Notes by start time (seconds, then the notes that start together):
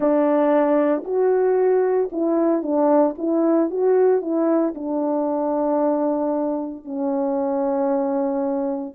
0.00 D4
1.04 F#4
2.11 E4
2.62 D4
3.18 E4
3.70 F#4
4.21 E4
4.74 D4
6.84 C#4